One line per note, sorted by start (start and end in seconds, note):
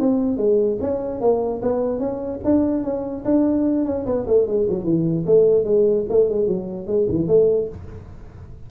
0.00 0.38 C4
0.38 0.78 G#3
0.81 1.21 C#4
1.21 1.61 A#3
1.62 1.99 B3
1.99 2.40 C#4
2.45 2.84 D4
2.84 3.24 C#4
3.25 3.86 D4
3.86 4.06 C#4
4.06 4.26 B3
4.27 4.47 A3
4.47 4.68 G#3
4.69 4.84 F#3
4.84 5.25 E3
5.26 5.65 A3
5.65 6.05 G#3
6.09 6.29 A3
6.29 6.48 G#3
6.48 6.87 F#3
6.87 7.07 G#3
7.09 7.28 E3
7.28 7.68 A3